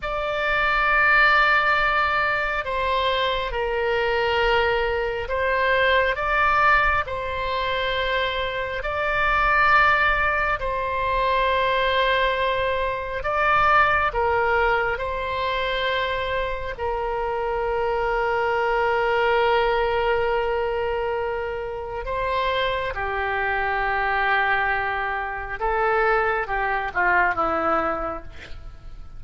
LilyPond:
\new Staff \with { instrumentName = "oboe" } { \time 4/4 \tempo 4 = 68 d''2. c''4 | ais'2 c''4 d''4 | c''2 d''2 | c''2. d''4 |
ais'4 c''2 ais'4~ | ais'1~ | ais'4 c''4 g'2~ | g'4 a'4 g'8 f'8 e'4 | }